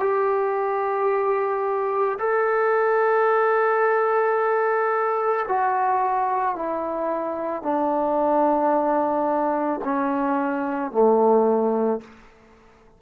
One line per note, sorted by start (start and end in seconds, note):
0.00 2.18 G4
2.19 5.46 A4
5.48 6.56 F#4
6.56 7.63 E4
7.63 9.81 D4
9.85 10.91 C#4
10.91 12.00 A3